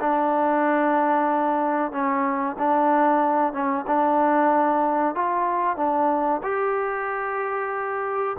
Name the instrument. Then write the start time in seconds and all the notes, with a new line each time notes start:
trombone
0.00 D4
1.91 C#4
2.58 D4
3.52 C#4
3.87 D4
5.15 F4
5.76 D4
6.43 G4